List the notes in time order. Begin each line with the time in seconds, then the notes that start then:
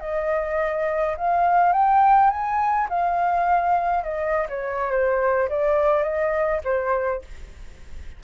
0.00 D#5
1.17 F5
1.72 G5
2.30 G#5
2.89 F5
4.03 D#5
4.48 C#5
4.90 C5
5.48 D5
6.02 D#5
6.64 C5